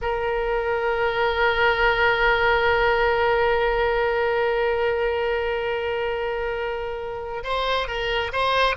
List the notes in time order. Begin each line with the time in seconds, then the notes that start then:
0.01 A#4
7.43 C5
7.87 A#4
8.32 C5